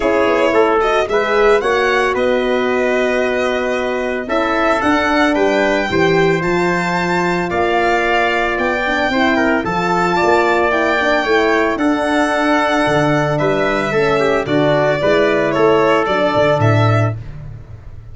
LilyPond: <<
  \new Staff \with { instrumentName = "violin" } { \time 4/4 \tempo 4 = 112 cis''4. dis''8 e''4 fis''4 | dis''1 | e''4 fis''4 g''2 | a''2 f''2 |
g''2 a''2 | g''2 fis''2~ | fis''4 e''2 d''4~ | d''4 cis''4 d''4 e''4 | }
  \new Staff \with { instrumentName = "trumpet" } { \time 4/4 gis'4 a'4 b'4 cis''4 | b'1 | a'2 b'4 c''4~ | c''2 d''2~ |
d''4 c''8 ais'8 a'4 d''4~ | d''4 cis''4 a'2~ | a'4 b'4 a'8 g'8 fis'4 | b'4 a'2. | }
  \new Staff \with { instrumentName = "horn" } { \time 4/4 e'4. fis'8 gis'4 fis'4~ | fis'1 | e'4 d'2 g'4 | f'1~ |
f'8 d'8 e'4 f'2 | e'8 d'8 e'4 d'2~ | d'2 cis'4 d'4 | e'2 d'2 | }
  \new Staff \with { instrumentName = "tuba" } { \time 4/4 cis'8 b8 a4 gis4 ais4 | b1 | cis'4 d'4 g4 e4 | f2 ais2 |
b4 c'4 f4 ais4~ | ais4 a4 d'2 | d4 g4 a4 d4 | gis4 a4 fis8 d8 a,4 | }
>>